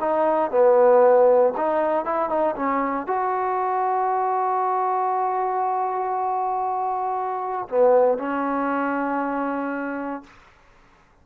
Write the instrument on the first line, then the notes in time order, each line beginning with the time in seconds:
trombone
0.00 D#4
0.51 B3
1.57 D#4
2.05 E4
2.29 D#4
2.55 C#4
3.06 F#4
7.69 B3
8.18 C#4